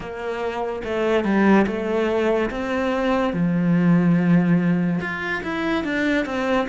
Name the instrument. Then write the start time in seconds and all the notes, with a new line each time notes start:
cello
0.00 A#3
0.83 A3
1.24 G3
1.66 A3
2.50 C4
3.33 F3
5.00 F4
5.43 E4
5.83 D4
6.25 C4